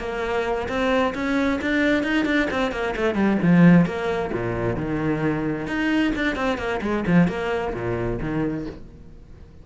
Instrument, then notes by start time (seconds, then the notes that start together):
cello
0.00 A#3
0.69 C4
1.15 C#4
1.62 D4
2.04 D#4
2.26 D4
2.51 C4
2.72 A#3
2.97 A3
3.15 G3
3.43 F3
3.86 A#3
4.33 A#2
4.77 D#3
5.68 D#4
6.16 D4
6.36 C4
6.58 A#3
6.82 G#3
7.08 F3
7.28 A#3
7.74 A#2
8.21 D#3